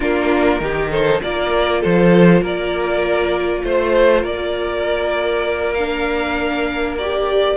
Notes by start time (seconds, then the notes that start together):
0.00 A#3 D4 F4 A#4
0.60 D#3 D#4 G4
0.91 A4 C5
1.22 A#3 F4 A#4 D5
1.80 F3 A4 C5
2.41 A#3 A#4 D5
3.63 A3 C5
4.21 A#3 A#4 D5
5.73 D4 F5
6.98 G4 D5